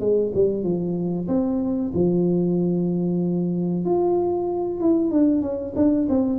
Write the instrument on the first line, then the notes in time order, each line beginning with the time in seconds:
tuba
0.00 G#3
0.35 G3
0.63 F3
1.28 C4
1.94 F3
3.85 F4
4.80 E4
5.11 D4
5.42 C#4
5.76 D4
6.09 C4